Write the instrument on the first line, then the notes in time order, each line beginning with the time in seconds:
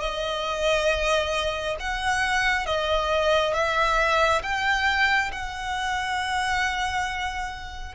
violin
0.00 D#5
1.80 F#5
2.66 D#5
3.54 E5
4.43 G5
5.32 F#5